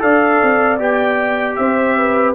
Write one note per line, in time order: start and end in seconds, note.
0.00 0.42 D4
0.00 0.78 A4
0.00 1.58 D5
0.00 0.81 F5
0.43 0.80 C4
0.79 1.58 B3
0.79 2.35 G4
0.79 1.56 G5
1.56 2.35 C4
1.56 1.98 C5
1.56 2.34 E5
1.98 2.35 B4